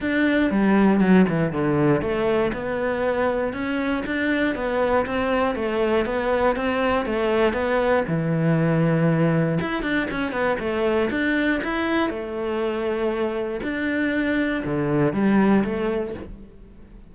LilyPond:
\new Staff \with { instrumentName = "cello" } { \time 4/4 \tempo 4 = 119 d'4 g4 fis8 e8 d4 | a4 b2 cis'4 | d'4 b4 c'4 a4 | b4 c'4 a4 b4 |
e2. e'8 d'8 | cis'8 b8 a4 d'4 e'4 | a2. d'4~ | d'4 d4 g4 a4 | }